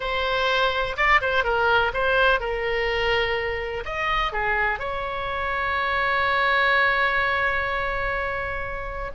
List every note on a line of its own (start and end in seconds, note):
0.00 0.96 C5
0.96 1.20 D5
1.21 1.44 C5
1.44 1.92 A#4
1.93 2.40 C5
2.40 3.84 A#4
3.85 4.32 D#5
4.32 4.79 G#4
4.79 9.11 C#5